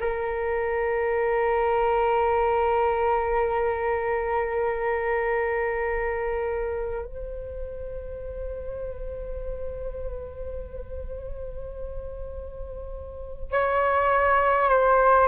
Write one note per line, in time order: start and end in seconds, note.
0.00 7.06 A#4
7.06 13.52 C5
13.52 14.69 C#5
14.69 15.28 C5